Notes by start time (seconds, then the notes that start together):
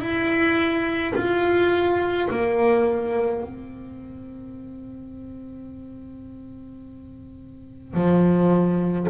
0.00 E4
1.15 F4
2.30 A#3
3.43 C4
7.93 F3